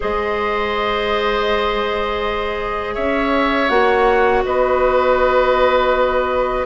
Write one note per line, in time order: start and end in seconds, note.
0.00 2.97 G#3
0.00 3.69 G#4
0.00 2.94 C5
0.00 2.95 D#5
2.94 3.69 C#4
2.94 4.42 C#5
2.94 3.68 E5
3.68 4.43 A#3
3.68 6.65 F#4
3.68 4.42 F#5
4.45 6.65 B3
4.45 6.65 B4
4.45 6.65 D#5